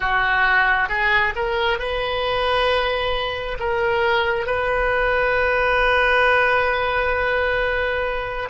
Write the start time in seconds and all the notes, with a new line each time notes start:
0.00 F#4
0.88 G#4
1.35 A#4
1.78 B4
3.59 A#4
4.46 B4